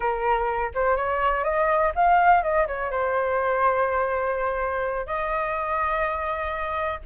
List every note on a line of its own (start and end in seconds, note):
0.00 0.71 A#4
0.74 0.96 C5
0.96 1.44 C#5
1.44 1.92 D#5
1.95 2.42 F5
2.42 2.67 D#5
2.67 2.90 C#5
2.90 5.06 C5
5.06 7.00 D#5